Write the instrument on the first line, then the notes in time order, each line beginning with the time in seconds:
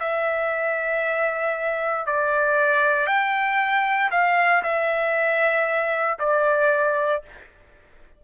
trumpet
0.00 E5
2.06 D5
3.07 G5
4.11 F5
4.63 E5
6.19 D5